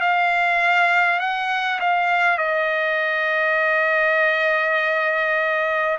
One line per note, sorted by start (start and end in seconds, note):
0.00 1.19 F5
1.19 1.79 F#5
1.79 2.37 F5
2.37 5.97 D#5